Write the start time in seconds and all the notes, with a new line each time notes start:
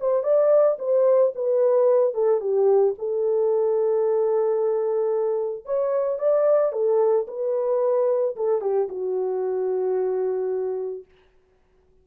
0.00 C5
0.23 D5
0.79 C5
1.35 B4
2.14 A4
2.40 G4
2.98 A4
5.65 C#5
6.19 D5
6.72 A4
7.27 B4
8.36 A4
8.61 G4
8.88 F#4